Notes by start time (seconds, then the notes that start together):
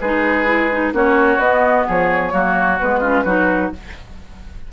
0.00 G#3 D#4 G#4 B4
0.46 E4
0.72 D#4
0.93 A#3 C#4 F#4 C#5
1.38 B3 D#5
1.87 F3 G#4 C#5
2.31 F#3 A#3 F#4
2.79 G#3 B3 B4
3.00 C#4 F4
3.25 F#3 D#4 F#4